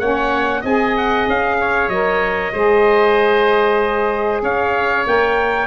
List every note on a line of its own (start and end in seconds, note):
0.00 0.63 A#3
0.00 0.64 C#4
0.00 0.62 C#5
0.00 0.64 F#5
0.62 1.27 C4
0.62 1.91 G#4
0.62 1.56 D#5
0.62 0.97 G#5
0.97 1.29 F#5
1.28 1.89 C#4
1.28 1.90 F5
1.61 2.53 C#5
1.89 2.52 F#3
1.89 2.54 A#4
1.89 4.42 D#5
2.53 4.43 G#3
2.53 5.07 G#4
2.53 4.42 C5
4.43 5.06 C#4
4.43 5.68 C#5
4.43 5.08 F5
5.07 5.68 A#3
5.07 5.68 A#4
5.07 5.68 G5